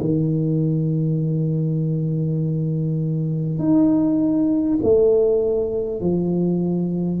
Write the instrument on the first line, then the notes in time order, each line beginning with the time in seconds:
tuba
0.00 D#3
3.58 D#4
4.82 A3
6.01 F3